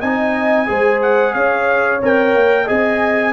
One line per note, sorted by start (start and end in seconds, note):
0.00 0.69 C4
0.00 0.67 D#4
0.00 0.67 D#5
0.00 1.01 G#5
0.67 1.35 G#3
0.67 2.00 G#4
0.67 1.35 C5
1.02 1.34 F#5
1.34 2.02 C#4
1.34 2.65 C#5
1.34 2.00 F5
2.02 2.35 C4
2.02 2.67 A#4
2.02 2.68 G5
2.35 2.68 A#3
2.65 3.33 C4
2.65 3.33 G#4
2.65 3.32 D#5
2.65 3.33 G#5